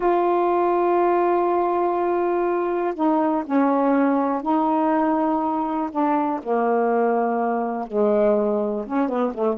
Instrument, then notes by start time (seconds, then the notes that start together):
saxophone
0.00 F4
2.94 D#4
3.46 C#4
4.42 D#4
5.91 D4
6.42 A#3
7.87 G#3
8.86 C#4
9.08 B3
9.33 A3